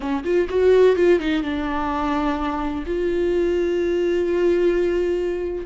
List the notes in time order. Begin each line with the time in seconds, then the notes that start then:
0.00 C#4
0.24 F4
0.49 F#4
0.96 F4
1.19 D#4
1.42 D4
2.85 F4